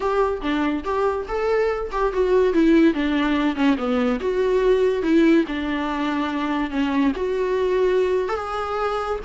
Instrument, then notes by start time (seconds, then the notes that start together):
viola
0.00 G4
0.41 D4
0.84 G4
1.28 A4
1.91 G4
2.12 F#4
2.53 E4
2.94 D4
3.55 C#4
3.77 B3
4.19 F#4
5.02 E4
5.47 D4
6.70 C#4
7.16 F#4
8.28 A4
8.35 G#4